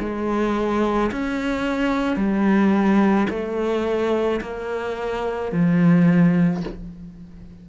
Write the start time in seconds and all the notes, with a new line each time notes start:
0.00 G#3
1.12 C#4
2.17 G3
3.30 A3
4.41 A#3
5.53 F3